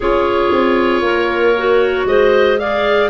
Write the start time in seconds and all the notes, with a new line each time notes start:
0.00 C#4 F4 G#4 C#5
0.51 C4
1.01 A#3 A#4
1.57 F#4
2.05 G#3 C5 D#5
2.58 G#4 D5 F5